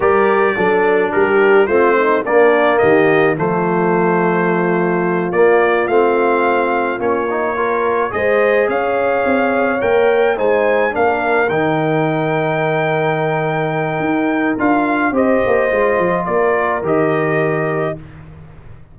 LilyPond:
<<
  \new Staff \with { instrumentName = "trumpet" } { \time 4/4 \tempo 4 = 107 d''2 ais'4 c''4 | d''4 dis''4 c''2~ | c''4. d''4 f''4.~ | f''8 cis''2 dis''4 f''8~ |
f''4. g''4 gis''4 f''8~ | f''8 g''2.~ g''8~ | g''2 f''4 dis''4~ | dis''4 d''4 dis''2 | }
  \new Staff \with { instrumentName = "horn" } { \time 4/4 ais'4 a'4 g'4 f'8 dis'8 | d'4 g'4 f'2~ | f'1~ | f'4. ais'4 c''4 cis''8~ |
cis''2~ cis''8 c''4 ais'8~ | ais'1~ | ais'2. c''4~ | c''4 ais'2. | }
  \new Staff \with { instrumentName = "trombone" } { \time 4/4 g'4 d'2 c'4 | ais2 a2~ | a4. ais4 c'4.~ | c'8 cis'8 dis'8 f'4 gis'4.~ |
gis'4. ais'4 dis'4 d'8~ | d'8 dis'2.~ dis'8~ | dis'2 f'4 g'4 | f'2 g'2 | }
  \new Staff \with { instrumentName = "tuba" } { \time 4/4 g4 fis4 g4 a4 | ais4 dis4 f2~ | f4. ais4 a4.~ | a8 ais2 gis4 cis'8~ |
cis'8 c'4 ais4 gis4 ais8~ | ais8 dis2.~ dis8~ | dis4 dis'4 d'4 c'8 ais8 | gis8 f8 ais4 dis2 | }
>>